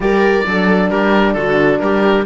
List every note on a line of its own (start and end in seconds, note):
0.00 0.43 G3
0.00 0.45 G4
0.00 0.46 A#4
0.00 0.89 D5
0.46 0.90 F#3
0.46 2.25 D4
0.46 0.90 A4
0.89 1.34 G3
0.89 1.35 G4
0.89 1.33 A#4
1.33 1.79 D3
1.33 1.81 F#4
1.33 1.78 A4
1.79 2.25 G3
1.79 2.25 G4
1.79 2.24 A#4